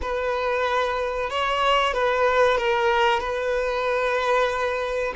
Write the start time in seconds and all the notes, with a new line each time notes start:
0.01 B4
1.29 C#5
1.93 B4
2.57 A#4
3.20 B4